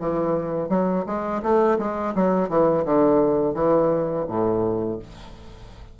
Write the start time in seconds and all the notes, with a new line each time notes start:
0.00 E3
0.69 F#3
1.06 G#3
1.43 A3
1.79 G#3
2.15 F#3
2.49 E3
2.85 D3
3.55 E3
4.28 A2